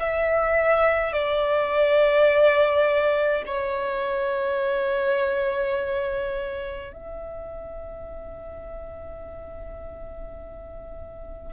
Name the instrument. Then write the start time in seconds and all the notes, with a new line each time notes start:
violin
0.00 E5
1.13 D5
3.47 C#5
6.93 E5